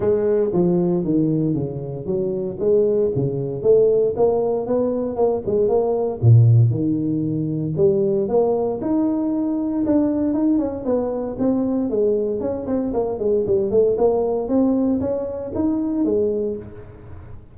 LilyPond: \new Staff \with { instrumentName = "tuba" } { \time 4/4 \tempo 4 = 116 gis4 f4 dis4 cis4 | fis4 gis4 cis4 a4 | ais4 b4 ais8 gis8 ais4 | ais,4 dis2 g4 |
ais4 dis'2 d'4 | dis'8 cis'8 b4 c'4 gis4 | cis'8 c'8 ais8 gis8 g8 a8 ais4 | c'4 cis'4 dis'4 gis4 | }